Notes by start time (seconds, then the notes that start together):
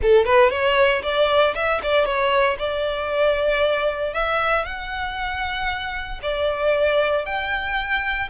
0.02 A4
0.25 B4
0.50 C#5
1.02 D5
1.54 E5
1.82 D5
2.05 C#5
2.58 D5
4.13 E5
4.64 F#5
6.22 D5
7.25 G5